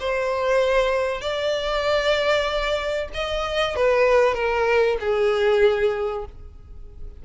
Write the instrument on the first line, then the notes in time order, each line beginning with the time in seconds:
violin
0.00 C5
1.21 D5
3.14 D#5
3.76 B4
4.35 A#4
5.00 G#4